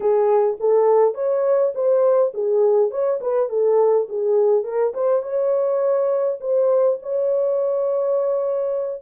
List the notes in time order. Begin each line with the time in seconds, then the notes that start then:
0.00 G#4
0.60 A4
1.14 C#5
1.74 C5
2.34 G#4
2.90 C#5
3.20 B4
3.49 A4
4.09 G#4
4.64 A#4
4.94 C5
5.22 C#5
6.40 C5
7.02 C#5